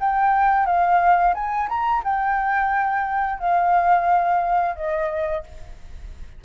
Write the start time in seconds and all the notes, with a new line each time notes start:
0.00 G5
0.66 F5
1.34 G#5
1.68 A#5
2.04 G5
3.39 F5
4.75 D#5